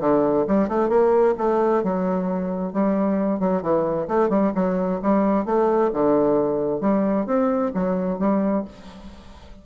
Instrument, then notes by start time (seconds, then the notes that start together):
bassoon
0.00 D3
0.47 G3
0.68 A3
0.89 A#3
1.38 A3
1.83 F#3
2.73 G3
3.40 F#3
3.62 E3
4.07 A3
4.29 G3
4.55 F#3
5.02 G3
5.45 A3
5.93 D3
6.80 G3
7.26 C4
7.74 F#3
8.19 G3